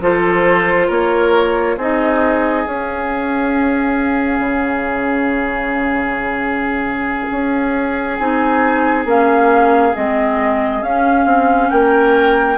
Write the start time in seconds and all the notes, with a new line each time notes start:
0.00 F3 F4 A4 C5
0.87 A#3 A#4 C#5
1.76 C4 D#4 G#4 D#5
2.66 C#4 F5
4.39 C#3
7.30 C#4
8.16 C4 D#4 G#5
9.05 A#3 C#4 F5
9.94 G#3 C4 D#5
10.82 C#4 F5
11.25 C4
11.69 A#3 A#4 G5